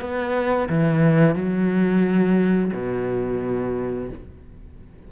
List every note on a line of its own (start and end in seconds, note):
0.00 0.68 B3
0.68 1.35 E3
1.35 2.71 F#3
2.73 4.09 B2